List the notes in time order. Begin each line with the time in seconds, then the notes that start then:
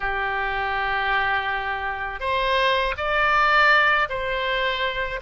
0.00 G4
2.20 C5
2.97 D5
4.09 C5